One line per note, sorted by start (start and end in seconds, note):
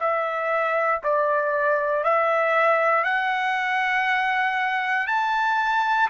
0.00 1.02 E5
1.04 2.04 D5
2.04 3.05 E5
3.05 5.07 F#5
5.07 6.09 A5